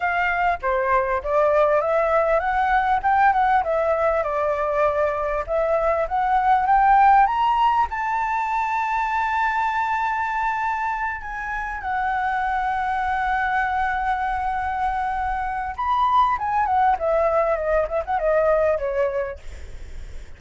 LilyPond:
\new Staff \with { instrumentName = "flute" } { \time 4/4 \tempo 4 = 99 f''4 c''4 d''4 e''4 | fis''4 g''8 fis''8 e''4 d''4~ | d''4 e''4 fis''4 g''4 | ais''4 a''2.~ |
a''2~ a''8 gis''4 fis''8~ | fis''1~ | fis''2 b''4 gis''8 fis''8 | e''4 dis''8 e''16 fis''16 dis''4 cis''4 | }